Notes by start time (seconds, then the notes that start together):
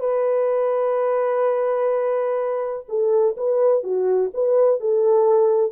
0.00 B4
2.89 A4
3.37 B4
3.84 F#4
4.34 B4
4.80 A4